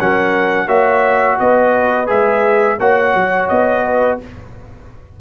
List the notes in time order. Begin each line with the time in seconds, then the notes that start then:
0.00 F#3 C#4 A#4 F#5
0.67 A#3 F#4 C#5 E5
1.40 B3 B4 D#5
2.07 G#3 G#4 E5
2.79 A#3 F#4 C#5 F#5
3.15 F#3
3.49 B3 D#5
3.85 B4